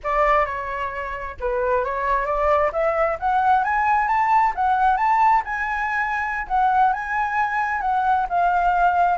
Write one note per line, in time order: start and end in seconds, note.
0.03 0.45 D5
0.45 1.36 C#5
1.40 1.84 B4
1.84 2.25 C#5
2.25 2.71 D5
2.72 3.17 E5
3.19 3.64 F#5
3.64 4.07 G#5
4.07 4.53 A5
4.55 4.97 F#5
4.97 5.42 A5
5.44 6.47 G#5
6.47 6.92 F#5
6.92 7.81 G#5
7.81 8.26 F#5
8.29 9.18 F5